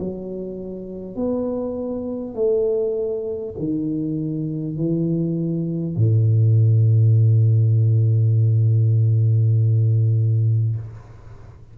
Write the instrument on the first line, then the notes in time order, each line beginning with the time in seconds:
tuba
0.00 F#3
1.16 B3
2.35 A3
3.59 D#3
4.77 E3
5.97 A2